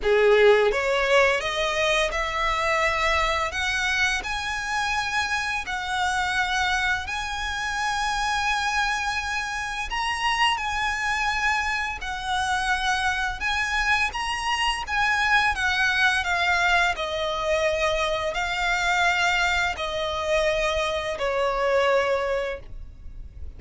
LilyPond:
\new Staff \with { instrumentName = "violin" } { \time 4/4 \tempo 4 = 85 gis'4 cis''4 dis''4 e''4~ | e''4 fis''4 gis''2 | fis''2 gis''2~ | gis''2 ais''4 gis''4~ |
gis''4 fis''2 gis''4 | ais''4 gis''4 fis''4 f''4 | dis''2 f''2 | dis''2 cis''2 | }